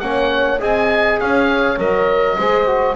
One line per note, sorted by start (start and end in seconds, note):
0.00 0.60 A#3
0.00 0.60 C#4
0.00 0.61 C#5
0.00 0.59 F#5
0.60 1.20 C4
0.60 1.77 G#4
0.60 1.20 D#5
0.60 1.20 G#5
1.20 1.78 C#4
1.20 2.37 C#5
1.20 1.79 F5
1.77 2.37 F#3
1.77 2.36 A#4
1.77 2.96 D#5
2.37 2.96 G#3
2.37 2.67 G#4
2.37 2.96 C5
2.67 2.96 F#4